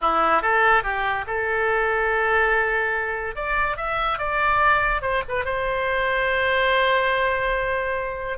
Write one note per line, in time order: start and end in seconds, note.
0.01 0.42 E4
0.42 0.83 A4
0.83 1.25 G4
1.26 3.35 A4
3.35 3.76 D5
3.76 4.18 E5
4.18 5.01 D5
5.01 5.22 C5
5.28 5.44 B4
5.44 8.38 C5